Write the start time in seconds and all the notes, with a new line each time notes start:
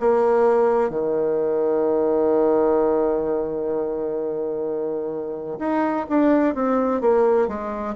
0.00 A#3
0.90 D#3
5.59 D#4
6.09 D4
6.55 C4
7.01 A#3
7.48 G#3